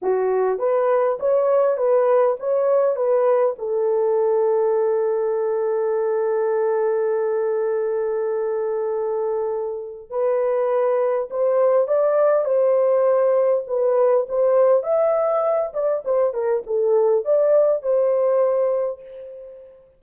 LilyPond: \new Staff \with { instrumentName = "horn" } { \time 4/4 \tempo 4 = 101 fis'4 b'4 cis''4 b'4 | cis''4 b'4 a'2~ | a'1~ | a'1~ |
a'4 b'2 c''4 | d''4 c''2 b'4 | c''4 e''4. d''8 c''8 ais'8 | a'4 d''4 c''2 | }